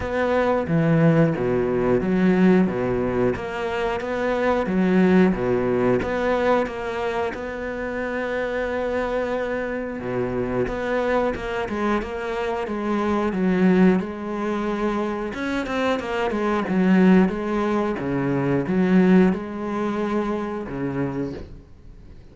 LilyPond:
\new Staff \with { instrumentName = "cello" } { \time 4/4 \tempo 4 = 90 b4 e4 b,4 fis4 | b,4 ais4 b4 fis4 | b,4 b4 ais4 b4~ | b2. b,4 |
b4 ais8 gis8 ais4 gis4 | fis4 gis2 cis'8 c'8 | ais8 gis8 fis4 gis4 cis4 | fis4 gis2 cis4 | }